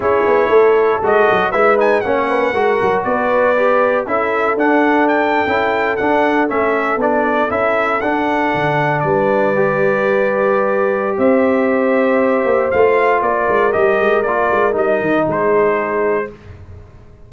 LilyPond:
<<
  \new Staff \with { instrumentName = "trumpet" } { \time 4/4 \tempo 4 = 118 cis''2 dis''4 e''8 gis''8 | fis''2 d''2 | e''4 fis''4 g''4.~ g''16 fis''16~ | fis''8. e''4 d''4 e''4 fis''16~ |
fis''4.~ fis''16 d''2~ d''16~ | d''2 e''2~ | e''4 f''4 d''4 dis''4 | d''4 dis''4 c''2 | }
  \new Staff \with { instrumentName = "horn" } { \time 4/4 gis'4 a'2 b'4 | cis''8 b'8 ais'4 b'2 | a'1~ | a'1~ |
a'4.~ a'16 b'2~ b'16~ | b'2 c''2~ | c''2 ais'2~ | ais'2 gis'2 | }
  \new Staff \with { instrumentName = "trombone" } { \time 4/4 e'2 fis'4 e'8 dis'8 | cis'4 fis'2 g'4 | e'4 d'4.~ d'16 e'4 d'16~ | d'8. cis'4 d'4 e'4 d'16~ |
d'2~ d'8. g'4~ g'16~ | g'1~ | g'4 f'2 g'4 | f'4 dis'2. | }
  \new Staff \with { instrumentName = "tuba" } { \time 4/4 cis'8 b8 a4 gis8 fis8 gis4 | ais4 gis8 fis8 b2 | cis'4 d'4.~ d'16 cis'4 d'16~ | d'8. a4 b4 cis'4 d'16~ |
d'8. d4 g2~ g16~ | g2 c'2~ | c'8 ais8 a4 ais8 gis8 g8 gis8 | ais8 gis8 g8 dis8 gis2 | }
>>